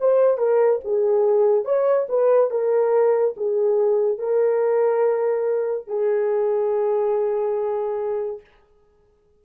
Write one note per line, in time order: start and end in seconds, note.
0.00 0.38 C5
0.38 0.80 A#4
0.84 1.64 G#4
1.64 2.07 C#5
2.09 2.50 B4
2.50 3.35 A#4
3.37 4.18 G#4
4.18 5.87 A#4
5.87 8.40 G#4